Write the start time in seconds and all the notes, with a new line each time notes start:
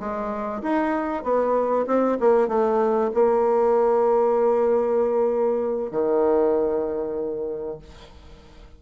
0.00 G#3
0.62 D#4
1.24 B3
1.87 C4
2.20 A#3
2.48 A3
3.14 A#3
5.91 D#3